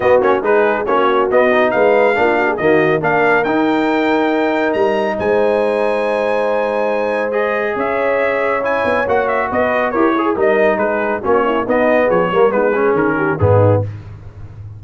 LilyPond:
<<
  \new Staff \with { instrumentName = "trumpet" } { \time 4/4 \tempo 4 = 139 dis''8 cis''8 b'4 cis''4 dis''4 | f''2 dis''4 f''4 | g''2. ais''4 | gis''1~ |
gis''4 dis''4 e''2 | gis''4 fis''8 e''8 dis''4 cis''4 | dis''4 b'4 cis''4 dis''4 | cis''4 b'4 ais'4 gis'4 | }
  \new Staff \with { instrumentName = "horn" } { \time 4/4 fis'4 gis'4 fis'2 | b'4 f'8 fis'16 gis'16 fis'4 ais'4~ | ais'1 | c''1~ |
c''2 cis''2~ | cis''2 b'4 ais'8 gis'8 | ais'4 gis'4 fis'8 e'8 dis'4 | gis'8 ais'8 dis'8 gis'4 g'8 dis'4 | }
  \new Staff \with { instrumentName = "trombone" } { \time 4/4 b8 cis'8 dis'4 cis'4 b8 dis'8~ | dis'4 d'4 ais4 d'4 | dis'1~ | dis'1~ |
dis'4 gis'2. | e'4 fis'2 g'8 gis'8 | dis'2 cis'4 b4~ | b8 ais8 b8 cis'4. b4 | }
  \new Staff \with { instrumentName = "tuba" } { \time 4/4 b8 ais8 gis4 ais4 b4 | gis4 ais4 dis4 ais4 | dis'2. g4 | gis1~ |
gis2 cis'2~ | cis'8 b8 ais4 b4 e'4 | g4 gis4 ais4 b4 | f8 g8 gis4 dis4 gis,4 | }
>>